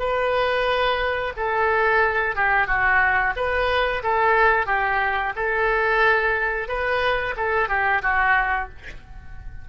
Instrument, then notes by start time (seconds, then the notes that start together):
oboe
0.00 B4
1.37 A4
2.36 G4
2.67 F#4
3.36 B4
4.03 A4
4.67 G4
5.36 A4
6.68 B4
7.37 A4
7.69 G4
8.02 F#4